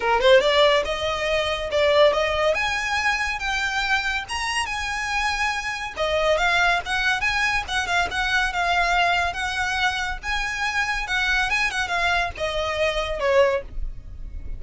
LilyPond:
\new Staff \with { instrumentName = "violin" } { \time 4/4 \tempo 4 = 141 ais'8 c''8 d''4 dis''2 | d''4 dis''4 gis''2 | g''2 ais''4 gis''4~ | gis''2 dis''4 f''4 |
fis''4 gis''4 fis''8 f''8 fis''4 | f''2 fis''2 | gis''2 fis''4 gis''8 fis''8 | f''4 dis''2 cis''4 | }